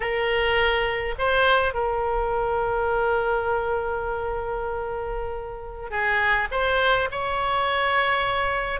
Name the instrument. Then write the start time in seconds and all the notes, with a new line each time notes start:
oboe
0.00 A#4
1.18 C5
1.74 A#4
5.90 G#4
6.51 C5
7.11 C#5